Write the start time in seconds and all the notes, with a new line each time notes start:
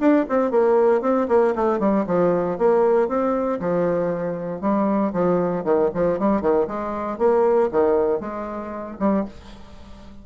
0.00 D4
0.29 C4
0.51 A#3
1.02 C4
1.28 A#3
1.55 A3
1.79 G3
2.07 F3
2.58 A#3
3.08 C4
3.60 F3
4.61 G3
5.13 F3
5.64 D#3
5.94 F3
6.19 G3
6.41 D#3
6.68 G#3
7.18 A#3
7.72 D#3
8.21 G#3
9.00 G3